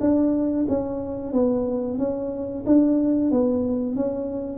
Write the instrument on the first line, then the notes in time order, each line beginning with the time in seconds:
tuba
0.00 D4
0.68 C#4
1.32 B3
1.98 C#4
2.66 D4
3.31 B3
3.96 C#4